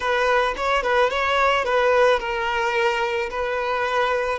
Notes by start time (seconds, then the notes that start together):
0.00 B4
0.56 C#5
0.82 B4
1.09 C#5
1.65 B4
2.19 A#4
3.30 B4